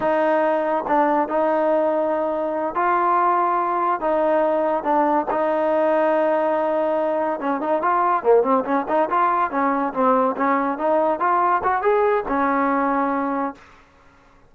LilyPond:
\new Staff \with { instrumentName = "trombone" } { \time 4/4 \tempo 4 = 142 dis'2 d'4 dis'4~ | dis'2~ dis'8 f'4.~ | f'4. dis'2 d'8~ | d'8 dis'2.~ dis'8~ |
dis'4. cis'8 dis'8 f'4 ais8 | c'8 cis'8 dis'8 f'4 cis'4 c'8~ | c'8 cis'4 dis'4 f'4 fis'8 | gis'4 cis'2. | }